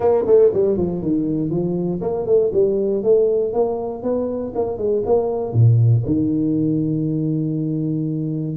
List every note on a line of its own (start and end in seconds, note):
0.00 0.25 A#3
0.26 0.51 A3
0.53 0.77 G3
0.77 1.02 F3
1.02 1.50 D#3
1.50 2.00 F3
2.01 2.26 A#3
2.26 2.51 A3
2.53 3.03 G3
3.03 3.53 A3
3.53 4.02 A#3
4.02 4.53 B3
4.55 4.77 A#3
4.77 5.03 G#3
5.05 5.52 A#3
5.52 6.03 A#2
6.05 8.57 D#3